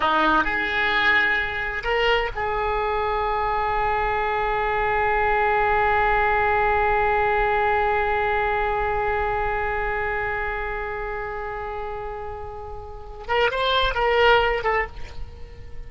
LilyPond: \new Staff \with { instrumentName = "oboe" } { \time 4/4 \tempo 4 = 129 dis'4 gis'2. | ais'4 gis'2.~ | gis'1~ | gis'1~ |
gis'1~ | gis'1~ | gis'1~ | gis'8 ais'8 c''4 ais'4. a'8 | }